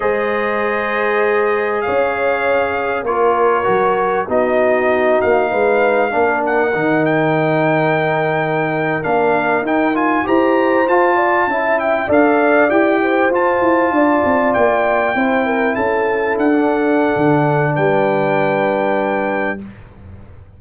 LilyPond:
<<
  \new Staff \with { instrumentName = "trumpet" } { \time 4/4 \tempo 4 = 98 dis''2. f''4~ | f''4 cis''2 dis''4~ | dis''8 f''2 fis''4 g''8~ | g''2~ g''8. f''4 g''16~ |
g''16 gis''8 ais''4 a''4. g''8 f''16~ | f''8. g''4 a''2 g''16~ | g''4.~ g''16 a''4 fis''4~ fis''16~ | fis''4 g''2. | }
  \new Staff \with { instrumentName = "horn" } { \time 4/4 c''2. cis''4~ | cis''4 ais'2 fis'4~ | fis'4 b'4 ais'2~ | ais'1~ |
ais'8. c''4. d''8 e''4 d''16~ | d''4~ d''16 c''4. d''4~ d''16~ | d''8. c''8 ais'8 a'2~ a'16~ | a'4 b'2. | }
  \new Staff \with { instrumentName = "trombone" } { \time 4/4 gis'1~ | gis'4 f'4 fis'4 dis'4~ | dis'2 d'4 dis'4~ | dis'2~ dis'8. d'4 dis'16~ |
dis'16 f'8 g'4 f'4 e'4 a'16~ | a'8. g'4 f'2~ f'16~ | f'8. e'2~ e'16 d'4~ | d'1 | }
  \new Staff \with { instrumentName = "tuba" } { \time 4/4 gis2. cis'4~ | cis'4 ais4 fis4 b4~ | b8 ais8 gis4 ais4 dis4~ | dis2~ dis8. ais4 dis'16~ |
dis'8. e'4 f'4 cis'4 d'16~ | d'8. e'4 f'8 e'8 d'8 c'8 ais16~ | ais8. c'4 cis'4 d'4~ d'16 | d4 g2. | }
>>